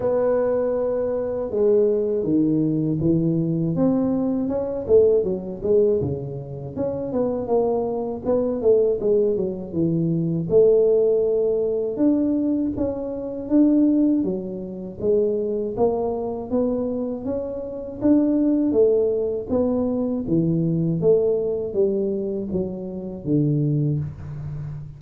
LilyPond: \new Staff \with { instrumentName = "tuba" } { \time 4/4 \tempo 4 = 80 b2 gis4 dis4 | e4 c'4 cis'8 a8 fis8 gis8 | cis4 cis'8 b8 ais4 b8 a8 | gis8 fis8 e4 a2 |
d'4 cis'4 d'4 fis4 | gis4 ais4 b4 cis'4 | d'4 a4 b4 e4 | a4 g4 fis4 d4 | }